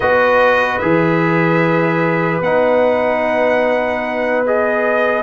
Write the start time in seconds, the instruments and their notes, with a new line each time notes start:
0.00 tuba B3, trombone F#4, horn B4, trumpet D#5
0.78 tuba E3, trombone G#4, trumpet E5
2.40 tuba B3, trombone D#4, trumpet F#5
4.45 trombone G#4, trumpet D#5